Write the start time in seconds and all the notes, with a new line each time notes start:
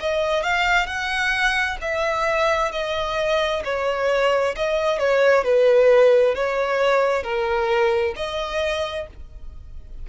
0.00 D#5
0.43 F5
0.86 F#5
1.81 E5
2.71 D#5
3.64 C#5
4.56 D#5
4.99 C#5
5.44 B4
6.35 C#5
7.23 A#4
8.16 D#5